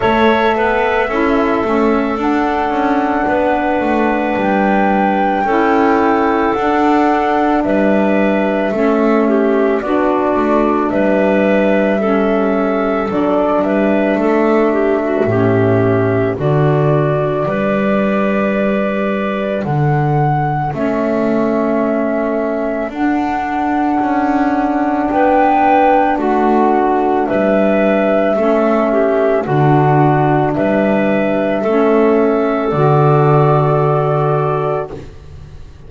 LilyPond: <<
  \new Staff \with { instrumentName = "flute" } { \time 4/4 \tempo 4 = 55 e''2 fis''2 | g''2 fis''4 e''4~ | e''4 d''4 e''2 | d''8 e''2~ e''8 d''4~ |
d''2 fis''4 e''4~ | e''4 fis''2 g''4 | fis''4 e''2 fis''4 | e''2 d''2 | }
  \new Staff \with { instrumentName = "clarinet" } { \time 4/4 cis''8 b'8 a'2 b'4~ | b'4 a'2 b'4 | a'8 g'8 fis'4 b'4 a'4~ | a'8 b'8 a'8 g'16 fis'16 g'4 fis'4 |
b'2 a'2~ | a'2. b'4 | fis'4 b'4 a'8 g'8 fis'4 | b'4 a'2. | }
  \new Staff \with { instrumentName = "saxophone" } { \time 4/4 a'4 e'8 cis'8 d'2~ | d'4 e'4 d'2 | cis'4 d'2 cis'4 | d'2 cis'4 d'4~ |
d'2. cis'4~ | cis'4 d'2.~ | d'2 cis'4 d'4~ | d'4 cis'4 fis'2 | }
  \new Staff \with { instrumentName = "double bass" } { \time 4/4 a8 b8 cis'8 a8 d'8 cis'8 b8 a8 | g4 cis'4 d'4 g4 | a4 b8 a8 g2 | fis8 g8 a4 a,4 d4 |
g2 d4 a4~ | a4 d'4 cis'4 b4 | a4 g4 a4 d4 | g4 a4 d2 | }
>>